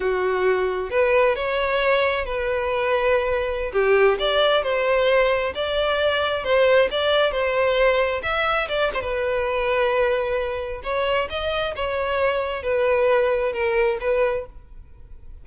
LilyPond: \new Staff \with { instrumentName = "violin" } { \time 4/4 \tempo 4 = 133 fis'2 b'4 cis''4~ | cis''4 b'2.~ | b'16 g'4 d''4 c''4.~ c''16~ | c''16 d''2 c''4 d''8.~ |
d''16 c''2 e''4 d''8 c''16 | b'1 | cis''4 dis''4 cis''2 | b'2 ais'4 b'4 | }